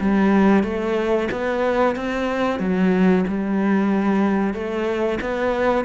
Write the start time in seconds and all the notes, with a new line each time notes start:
0.00 G3
0.63 A3
1.31 B3
1.95 C4
2.59 F#3
3.28 G3
4.54 A3
5.21 B3